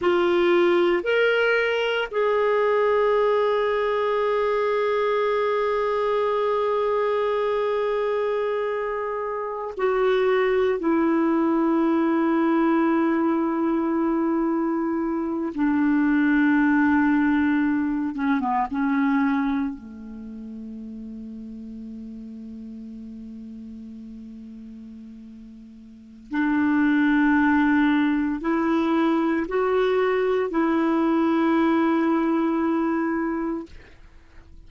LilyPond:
\new Staff \with { instrumentName = "clarinet" } { \time 4/4 \tempo 4 = 57 f'4 ais'4 gis'2~ | gis'1~ | gis'4~ gis'16 fis'4 e'4.~ e'16~ | e'2~ e'8. d'4~ d'16~ |
d'4~ d'16 cis'16 b16 cis'4 a4~ a16~ | a1~ | a4 d'2 e'4 | fis'4 e'2. | }